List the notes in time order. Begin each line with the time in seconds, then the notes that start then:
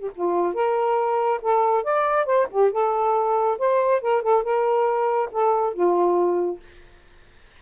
0.00 G4
0.16 F4
0.55 A#4
1.42 A4
1.84 D5
2.26 C5
2.51 G4
2.72 A4
3.59 C5
4.02 A#4
4.23 A4
4.44 A#4
5.32 A4
5.74 F4